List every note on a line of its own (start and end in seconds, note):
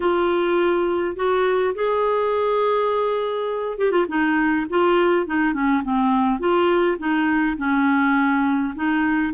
0.00 1.16 F4
1.16 1.74 F#4
1.74 3.78 G#4
3.78 3.91 G4
3.91 4.05 F4
4.08 4.66 D#4
4.69 5.26 F4
5.26 5.53 D#4
5.53 5.82 C#4
5.83 6.39 C4
6.39 6.97 F4
6.98 7.56 D#4
7.57 8.74 C#4
8.75 9.33 D#4